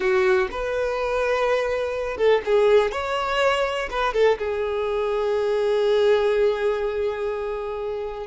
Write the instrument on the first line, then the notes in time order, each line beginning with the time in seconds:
violin
0.00 F#4
0.51 B4
2.17 A4
2.45 G#4
2.91 C#5
3.90 B4
4.13 A4
4.38 G#4